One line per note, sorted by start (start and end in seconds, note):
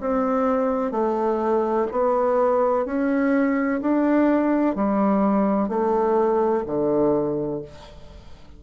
0.00 0.91 C4
0.91 1.87 A3
1.91 2.85 B3
2.85 3.80 C#4
3.81 4.75 D4
4.75 5.68 G3
5.68 6.63 A3
6.66 7.61 D3